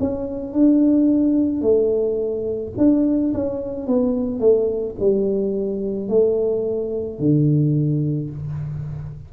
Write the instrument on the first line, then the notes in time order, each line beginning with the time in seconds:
tuba
0.00 C#4
0.53 D4
1.61 A3
2.77 D4
3.34 C#4
3.87 B3
4.39 A3
4.99 G3
6.09 A3
7.19 D3